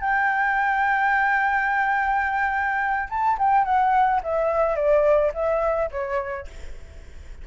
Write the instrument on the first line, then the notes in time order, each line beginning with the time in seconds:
flute
0.00 G5
3.09 A5
3.38 G5
3.64 F#5
4.23 E5
4.75 D5
5.33 E5
5.91 C#5